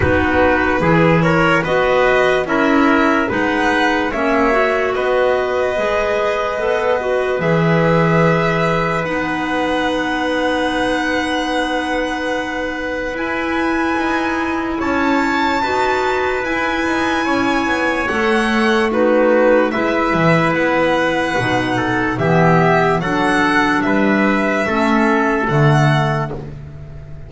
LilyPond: <<
  \new Staff \with { instrumentName = "violin" } { \time 4/4 \tempo 4 = 73 b'4. cis''8 dis''4 e''4 | fis''4 e''4 dis''2~ | dis''4 e''2 fis''4~ | fis''1 |
gis''2 a''2 | gis''2 fis''4 b'4 | e''4 fis''2 e''4 | fis''4 e''2 fis''4 | }
  \new Staff \with { instrumentName = "trumpet" } { \time 4/4 fis'4 gis'8 ais'8 b'4 ais'4 | b'4 cis''4 b'2~ | b'1~ | b'1~ |
b'2 cis''4 b'4~ | b'4 cis''2 fis'4 | b'2~ b'8 a'8 g'4 | a'4 b'4 a'2 | }
  \new Staff \with { instrumentName = "clarinet" } { \time 4/4 dis'4 e'4 fis'4 e'4 | dis'4 cis'8 fis'4. gis'4 | a'8 fis'8 gis'2 dis'4~ | dis'1 |
e'2. fis'4 | e'2 a'4 dis'4 | e'2 dis'4 b4 | d'2 cis'4 a4 | }
  \new Staff \with { instrumentName = "double bass" } { \time 4/4 b4 e4 b4 cis'4 | gis4 ais4 b4 gis4 | b4 e2 b4~ | b1 |
e'4 dis'4 cis'4 dis'4 | e'8 dis'8 cis'8 b8 a2 | gis8 e8 b4 b,4 e4 | fis4 g4 a4 d4 | }
>>